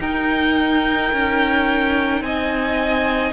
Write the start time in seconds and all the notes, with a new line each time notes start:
0.00 D#4 A#4 G5
1.12 C#4
2.21 C4 D#5 G#5